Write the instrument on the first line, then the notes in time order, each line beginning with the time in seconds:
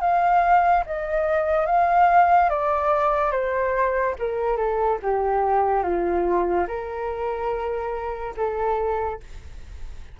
flute
0.00 F5
0.86 D#5
1.66 F5
2.49 D5
3.31 C5
4.19 A#4
4.56 A4
5.02 G4
5.83 F4
6.67 A#4
8.36 A4